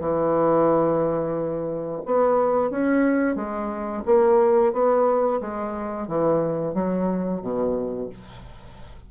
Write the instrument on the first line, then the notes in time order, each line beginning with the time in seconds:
bassoon
0.00 E3
2.06 B3
2.71 C#4
3.36 G#3
4.06 A#3
4.73 B3
5.41 G#3
6.08 E3
6.74 F#3
7.42 B2